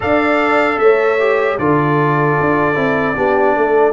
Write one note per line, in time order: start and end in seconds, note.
0.00 0.78 D4
0.00 1.18 A4
0.00 0.80 D5
0.00 0.78 F5
0.78 1.57 A3
0.78 1.59 C#5
0.78 1.57 E5
1.19 1.58 G4
1.58 2.37 D3
1.58 2.74 F4
1.58 3.16 A4
1.58 3.93 D5
2.40 2.76 D4
2.74 3.15 C4
2.74 3.14 E4
3.14 3.56 B3
3.14 3.93 D4
3.14 3.56 G4
3.56 3.93 A3
3.56 3.93 A4